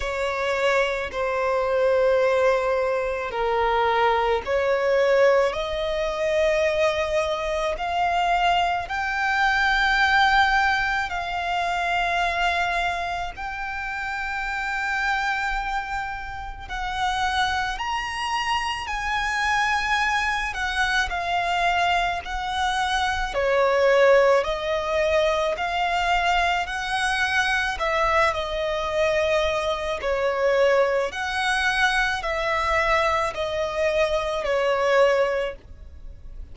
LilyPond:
\new Staff \with { instrumentName = "violin" } { \time 4/4 \tempo 4 = 54 cis''4 c''2 ais'4 | cis''4 dis''2 f''4 | g''2 f''2 | g''2. fis''4 |
ais''4 gis''4. fis''8 f''4 | fis''4 cis''4 dis''4 f''4 | fis''4 e''8 dis''4. cis''4 | fis''4 e''4 dis''4 cis''4 | }